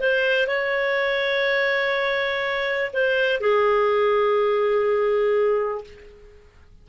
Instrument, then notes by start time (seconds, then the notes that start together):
clarinet
0.00 C5
0.48 C#5
2.94 C5
3.41 G#4